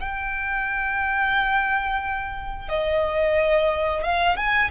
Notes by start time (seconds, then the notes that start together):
0.00 G5
2.69 D#5
4.03 F5
4.36 G#5